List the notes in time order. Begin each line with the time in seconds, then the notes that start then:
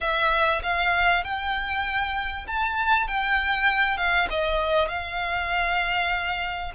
0.00 E5
0.62 F5
1.24 G5
2.47 A5
3.07 G5
3.97 F5
4.30 D#5
4.88 F5